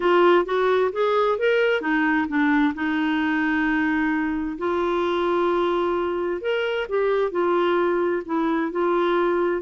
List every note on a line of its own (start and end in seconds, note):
0.00 0.45 F4
0.45 0.91 F#4
0.92 1.38 G#4
1.38 1.81 A#4
1.81 2.27 D#4
2.28 2.73 D4
2.74 4.57 D#4
4.58 6.41 F4
6.41 6.86 A#4
6.88 7.31 G4
7.31 8.22 F4
8.25 8.71 E4
8.71 9.62 F4